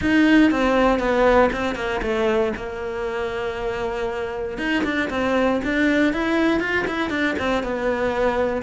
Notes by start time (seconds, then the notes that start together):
0.01 D#4
0.51 C4
0.99 B3
1.52 C4
1.75 A#3
2.02 A3
2.56 A#3
4.58 D#4
4.84 D4
5.10 C4
5.64 D4
6.13 E4
6.60 F4
6.87 E4
7.10 D4
7.38 C4
7.63 B3